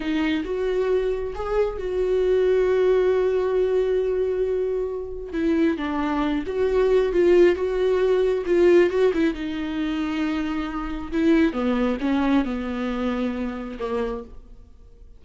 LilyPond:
\new Staff \with { instrumentName = "viola" } { \time 4/4 \tempo 4 = 135 dis'4 fis'2 gis'4 | fis'1~ | fis'1 | e'4 d'4. fis'4. |
f'4 fis'2 f'4 | fis'8 e'8 dis'2.~ | dis'4 e'4 b4 cis'4 | b2. ais4 | }